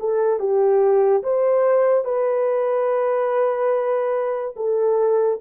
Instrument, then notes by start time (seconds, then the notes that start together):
horn
0.00 A4
0.40 G4
1.23 C5
2.05 B4
4.57 A4